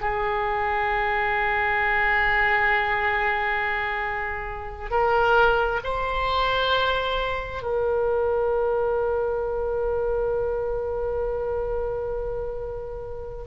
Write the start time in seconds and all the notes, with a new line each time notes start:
0.00 G#4
4.90 A#4
5.83 C5
7.62 A#4